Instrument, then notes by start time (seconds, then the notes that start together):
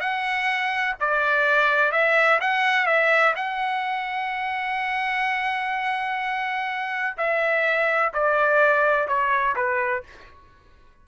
trumpet
0.00 F#5
1.00 D5
1.91 E5
2.40 F#5
2.86 E5
3.36 F#5
7.17 E5
8.13 D5
9.08 C#5
9.56 B4